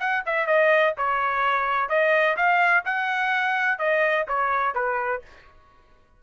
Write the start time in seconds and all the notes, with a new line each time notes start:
0.00 F#5
0.26 E5
0.47 D#5
0.98 C#5
1.89 D#5
2.37 F5
2.85 F#5
3.79 D#5
4.28 C#5
4.75 B4